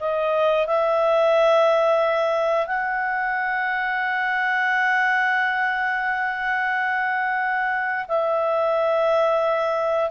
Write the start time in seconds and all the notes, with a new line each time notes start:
0.00 D#5
0.67 E5
2.67 F#5
8.08 E5